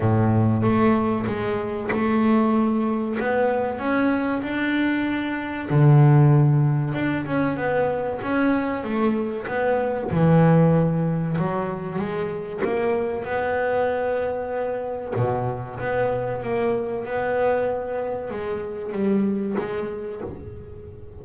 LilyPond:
\new Staff \with { instrumentName = "double bass" } { \time 4/4 \tempo 4 = 95 a,4 a4 gis4 a4~ | a4 b4 cis'4 d'4~ | d'4 d2 d'8 cis'8 | b4 cis'4 a4 b4 |
e2 fis4 gis4 | ais4 b2. | b,4 b4 ais4 b4~ | b4 gis4 g4 gis4 | }